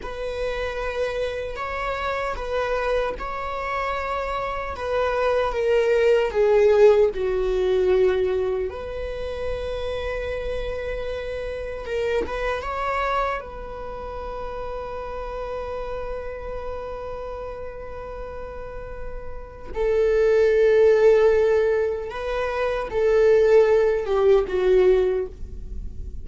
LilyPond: \new Staff \with { instrumentName = "viola" } { \time 4/4 \tempo 4 = 76 b'2 cis''4 b'4 | cis''2 b'4 ais'4 | gis'4 fis'2 b'4~ | b'2. ais'8 b'8 |
cis''4 b'2.~ | b'1~ | b'4 a'2. | b'4 a'4. g'8 fis'4 | }